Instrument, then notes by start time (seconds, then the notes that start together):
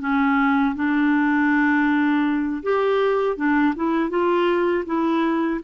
clarinet
0.00 C#4
0.75 D4
2.63 G4
3.36 D4
3.75 E4
4.09 F4
4.85 E4